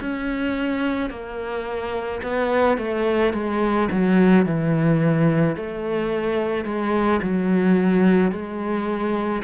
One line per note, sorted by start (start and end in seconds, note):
0.00 1.10 C#4
1.10 2.21 A#3
2.23 2.77 B3
2.77 3.33 A3
3.33 3.88 G#3
3.91 4.45 F#3
4.45 5.56 E3
5.56 6.65 A3
6.65 7.20 G#3
7.22 8.31 F#3
8.31 9.42 G#3